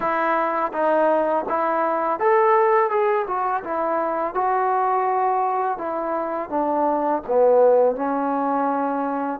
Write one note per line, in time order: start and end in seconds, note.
0.00 0.72 E4
0.72 1.45 D#4
1.49 2.19 E4
2.19 2.89 A4
2.89 3.26 G#4
3.27 3.63 F#4
3.63 4.34 E4
4.34 5.78 F#4
5.78 6.49 E4
6.49 7.22 D4
7.27 7.95 B3
7.95 9.39 C#4